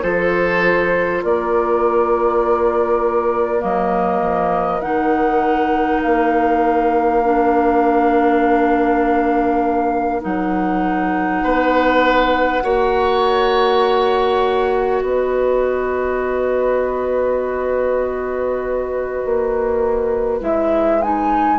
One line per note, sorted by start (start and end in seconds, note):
0.00 1.23 F3
0.00 3.60 F4
0.00 1.23 A4
0.00 1.23 C5
1.23 3.63 A#3
1.23 11.43 A#4
1.23 3.63 D5
3.60 4.21 F#3
3.60 4.80 A#3
3.60 4.81 D#5
4.21 4.81 F3
4.81 6.03 D#3
4.81 7.21 D#4
4.81 6.01 F#5
6.02 10.24 A#3
6.02 10.22 F5
7.24 10.21 D4
10.21 11.43 F#3
10.21 12.61 D#4
10.21 15.00 F#5
11.43 12.63 B3
11.43 12.63 B4
12.62 15.02 A#3
12.62 20.41 F#4
12.62 15.03 C#5
15.00 19.22 B3
15.00 21.59 B4
15.00 20.40 D#5
19.25 20.41 A#3
20.41 21.59 G#3
20.41 21.00 E4
20.41 21.02 E5
21.02 21.59 D#4
21.02 21.59 G#5